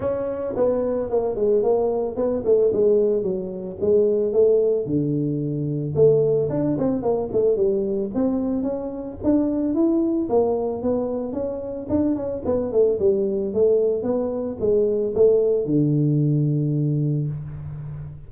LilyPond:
\new Staff \with { instrumentName = "tuba" } { \time 4/4 \tempo 4 = 111 cis'4 b4 ais8 gis8 ais4 | b8 a8 gis4 fis4 gis4 | a4 d2 a4 | d'8 c'8 ais8 a8 g4 c'4 |
cis'4 d'4 e'4 ais4 | b4 cis'4 d'8 cis'8 b8 a8 | g4 a4 b4 gis4 | a4 d2. | }